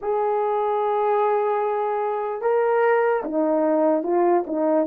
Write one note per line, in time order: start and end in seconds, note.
0.01 2.41 G#4
2.41 3.22 A#4
3.24 4.03 D#4
4.03 4.43 F4
4.46 4.86 D#4